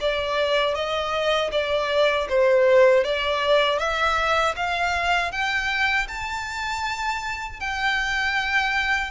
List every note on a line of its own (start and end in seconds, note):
0.00 0.75 D5
0.75 1.51 D#5
1.51 2.27 D5
2.29 3.04 C5
3.04 3.79 D5
3.79 4.55 E5
4.56 5.31 F5
5.31 6.07 G5
6.08 7.60 A5
7.60 9.11 G5